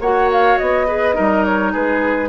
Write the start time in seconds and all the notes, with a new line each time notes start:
0.00 A#3 F#4 C#5 F#5
0.32 F5
0.59 B3 D#5
0.87 G#4 B4
1.14 G3 D#4 A#4
1.45 C#5
1.73 G#3 G#4 B4